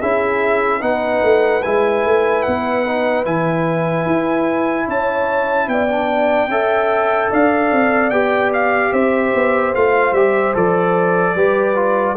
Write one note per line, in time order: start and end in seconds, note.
0.00 0.82 C#4
0.00 0.81 E4
0.00 0.80 G#4
0.00 0.82 E5
0.80 1.23 B3
0.80 1.62 D#4
0.80 4.86 B4
0.80 1.63 F#5
1.23 1.64 A3
1.63 2.06 G#3
1.63 2.86 E4
1.63 2.43 G#5
2.06 2.46 A3
2.43 3.26 B3
2.43 3.24 F#5
2.86 3.25 D#4
3.25 4.06 E3
3.25 5.89 E4
3.25 4.88 G#5
4.06 4.87 E4
4.87 5.68 C#4
4.87 5.68 C#5
4.87 5.69 A5
5.68 6.48 B3
5.68 6.51 D5
5.68 7.31 G5
5.89 6.50 D4
6.48 7.29 C#4
6.48 8.12 A4
6.48 7.31 E5
7.31 7.72 D4
7.31 8.93 D5
7.31 8.11 F5
7.72 8.11 C4
8.11 8.92 B3
8.11 9.74 G4
8.11 8.51 G5
8.54 8.93 F5
8.93 9.34 C4
8.93 11.35 C5
8.93 9.74 E5
9.35 9.75 B3
9.75 10.12 A3
9.75 10.16 F4
9.75 10.14 F5
10.12 10.53 G3
10.12 10.55 G4
10.12 10.54 E5
10.55 11.35 F3
10.55 11.36 A4
10.55 12.17 D5
11.35 12.16 G3
11.35 11.76 G4
11.35 12.16 B4
11.76 12.17 F4